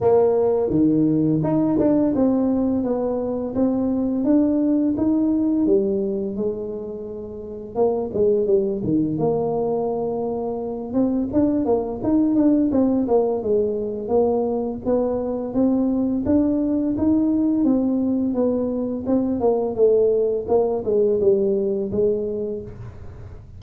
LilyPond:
\new Staff \with { instrumentName = "tuba" } { \time 4/4 \tempo 4 = 85 ais4 dis4 dis'8 d'8 c'4 | b4 c'4 d'4 dis'4 | g4 gis2 ais8 gis8 | g8 dis8 ais2~ ais8 c'8 |
d'8 ais8 dis'8 d'8 c'8 ais8 gis4 | ais4 b4 c'4 d'4 | dis'4 c'4 b4 c'8 ais8 | a4 ais8 gis8 g4 gis4 | }